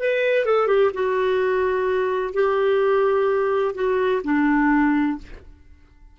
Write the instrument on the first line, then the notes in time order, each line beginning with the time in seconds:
clarinet
0.00 B4
0.46 A4
0.67 G4
0.94 F#4
2.34 G4
3.75 F#4
4.24 D4